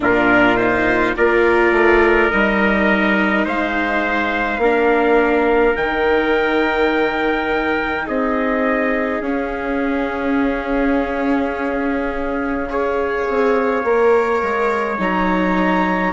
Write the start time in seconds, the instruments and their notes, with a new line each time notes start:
0.00 bassoon A#2, viola D4, trumpet F4 A#4
0.56 viola D#4, trumpet C5
1.16 bassoon A#3, viola F4, trumpet A#4 D5
1.71 bassoon A3
2.30 bassoon G3, viola D#4, trumpet D#5
3.44 bassoon G#3, trumpet C5 F5
4.57 bassoon A#3, viola D4, trumpet A#4
5.76 bassoon D#3, viola D#4, trumpet G5
8.06 bassoon C4, trumpet G#4 D#5
9.20 bassoon C#4, viola C#4, trumpet F5
12.69 viola G#4, trumpet C#5
13.28 bassoon C4
13.84 bassoon A#3, viola A#4
14.42 bassoon G#3
14.98 bassoon F#3, viola D#4, trumpet A#5